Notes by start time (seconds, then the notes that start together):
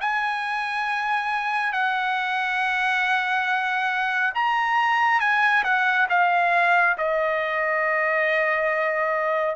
0.00 G#5
1.72 F#5
4.34 A#5
5.20 G#5
5.63 F#5
6.09 F5
6.98 D#5